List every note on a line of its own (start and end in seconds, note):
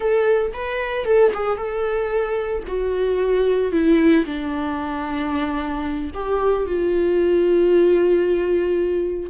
0.00 0.52 A4
0.53 1.05 B4
1.05 1.31 A4
1.34 1.57 G#4
1.57 2.63 A4
2.67 3.72 F#4
3.72 4.25 E4
4.25 6.11 D4
6.14 6.66 G4
6.66 9.30 F4